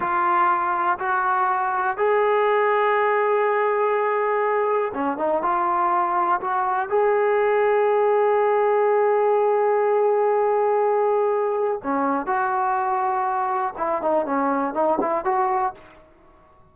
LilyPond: \new Staff \with { instrumentName = "trombone" } { \time 4/4 \tempo 4 = 122 f'2 fis'2 | gis'1~ | gis'2 cis'8 dis'8 f'4~ | f'4 fis'4 gis'2~ |
gis'1~ | gis'1 | cis'4 fis'2. | e'8 dis'8 cis'4 dis'8 e'8 fis'4 | }